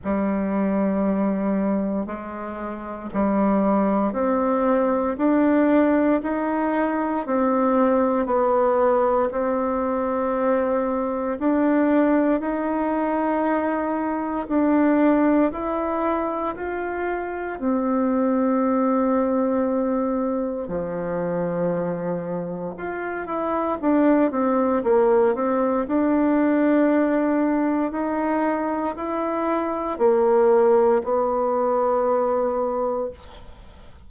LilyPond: \new Staff \with { instrumentName = "bassoon" } { \time 4/4 \tempo 4 = 58 g2 gis4 g4 | c'4 d'4 dis'4 c'4 | b4 c'2 d'4 | dis'2 d'4 e'4 |
f'4 c'2. | f2 f'8 e'8 d'8 c'8 | ais8 c'8 d'2 dis'4 | e'4 ais4 b2 | }